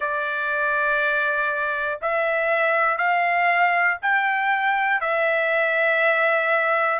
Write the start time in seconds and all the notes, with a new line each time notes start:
0.00 D5
2.01 E5
2.97 F5
4.02 G5
5.00 E5